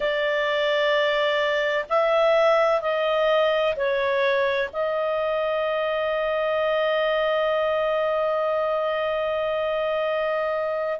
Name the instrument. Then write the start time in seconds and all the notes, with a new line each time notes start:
clarinet
0.00 D5
1.89 E5
2.81 D#5
3.75 C#5
4.72 D#5